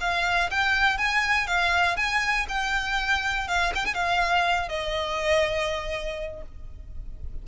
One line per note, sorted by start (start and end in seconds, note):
0.00 0.50 F5
0.50 0.98 G5
0.98 1.47 G#5
1.47 1.96 F5
1.97 2.46 G#5
2.48 3.48 G5
3.48 3.73 F5
3.75 3.85 G5
3.85 3.94 G#5
3.94 4.68 F5
4.68 6.42 D#5